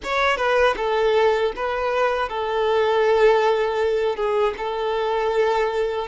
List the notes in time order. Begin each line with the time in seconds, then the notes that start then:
0.03 C#5
0.36 B4
0.76 A4
1.56 B4
2.28 A4
4.16 G#4
4.57 A4